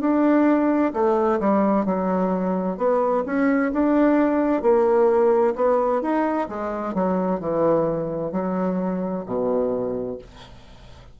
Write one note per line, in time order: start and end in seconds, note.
0.00 0.92 D4
0.93 1.39 A3
1.40 1.85 G3
1.85 2.77 F#3
2.77 3.23 B3
3.26 3.72 C#4
3.73 4.62 D4
4.62 5.54 A#3
5.56 6.02 B3
6.02 6.48 D#4
6.48 6.94 G#3
6.94 7.40 F#3
7.40 8.32 E3
8.32 9.24 F#3
9.26 10.18 B2